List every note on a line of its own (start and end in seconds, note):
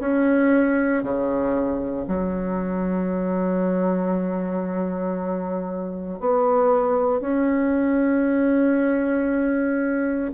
0.00 1.03 C#4
1.03 2.07 C#3
2.08 6.20 F#3
6.20 7.21 B3
7.21 10.32 C#4